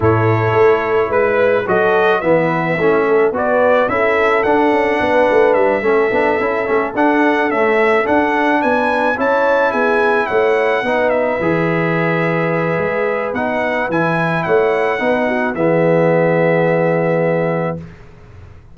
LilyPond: <<
  \new Staff \with { instrumentName = "trumpet" } { \time 4/4 \tempo 4 = 108 cis''2 b'4 dis''4 | e''2 d''4 e''4 | fis''2 e''2~ | e''8 fis''4 e''4 fis''4 gis''8~ |
gis''8 a''4 gis''4 fis''4. | e''1 | fis''4 gis''4 fis''2 | e''1 | }
  \new Staff \with { instrumentName = "horn" } { \time 4/4 a'2 b'4 a'4 | b'4 e'8 a'8 b'4 a'4~ | a'4 b'4. a'4.~ | a'2.~ a'8 b'8~ |
b'8 cis''4 gis'4 cis''4 b'8~ | b'1~ | b'2 cis''4 b'8 fis'8 | gis'1 | }
  \new Staff \with { instrumentName = "trombone" } { \time 4/4 e'2. fis'4 | b4 cis'4 fis'4 e'4 | d'2~ d'8 cis'8 d'8 e'8 | cis'8 d'4 a4 d'4.~ |
d'8 e'2. dis'8~ | dis'8 gis'2.~ gis'8 | dis'4 e'2 dis'4 | b1 | }
  \new Staff \with { instrumentName = "tuba" } { \time 4/4 a,4 a4 gis4 fis4 | e4 a4 b4 cis'4 | d'8 cis'8 b8 a8 g8 a8 b8 cis'8 | a8 d'4 cis'4 d'4 b8~ |
b8 cis'4 b4 a4 b8~ | b8 e2~ e8 gis4 | b4 e4 a4 b4 | e1 | }
>>